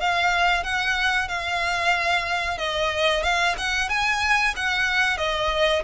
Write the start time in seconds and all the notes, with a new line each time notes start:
0.00 F5
0.63 F#5
1.28 F5
2.58 D#5
3.23 F5
3.58 F#5
3.89 G#5
4.56 F#5
5.17 D#5